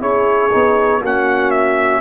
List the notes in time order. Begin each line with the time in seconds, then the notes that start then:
0.00 C#4 E4 G#4 C#5
0.51 B3 D#4
1.01 A#3 C#4 F#4 F#5
1.51 E5